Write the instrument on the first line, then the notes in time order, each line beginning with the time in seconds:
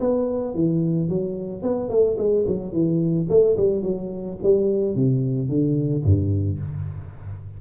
tuba
0.00 B3
0.54 E3
1.09 F#3
1.62 B3
1.89 A3
2.18 G#3
2.47 F#3
2.72 E3
3.29 A3
3.57 G3
3.82 F#3
4.43 G3
4.95 C3
5.49 D3
6.05 G2